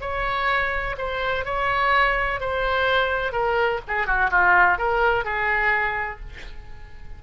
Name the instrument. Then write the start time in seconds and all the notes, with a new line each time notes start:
oboe
0.00 C#5
0.97 C5
1.44 C#5
2.40 C5
3.32 A#4
3.87 G#4
4.06 F#4
4.30 F4
4.78 A#4
5.24 G#4